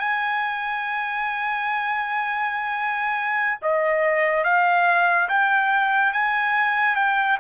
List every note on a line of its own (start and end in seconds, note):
0.00 3.59 G#5
3.62 4.44 D#5
4.44 5.29 F5
5.29 6.13 G5
6.13 6.96 G#5
6.96 7.38 G5